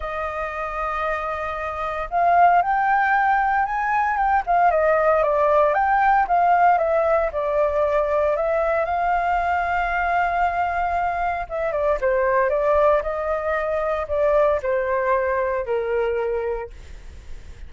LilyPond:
\new Staff \with { instrumentName = "flute" } { \time 4/4 \tempo 4 = 115 dis''1 | f''4 g''2 gis''4 | g''8 f''8 dis''4 d''4 g''4 | f''4 e''4 d''2 |
e''4 f''2.~ | f''2 e''8 d''8 c''4 | d''4 dis''2 d''4 | c''2 ais'2 | }